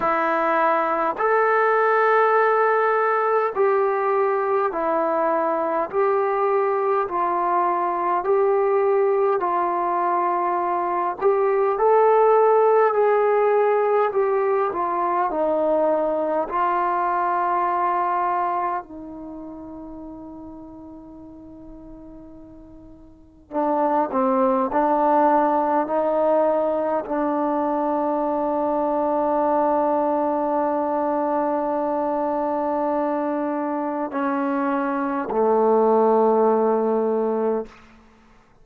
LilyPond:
\new Staff \with { instrumentName = "trombone" } { \time 4/4 \tempo 4 = 51 e'4 a'2 g'4 | e'4 g'4 f'4 g'4 | f'4. g'8 a'4 gis'4 | g'8 f'8 dis'4 f'2 |
dis'1 | d'8 c'8 d'4 dis'4 d'4~ | d'1~ | d'4 cis'4 a2 | }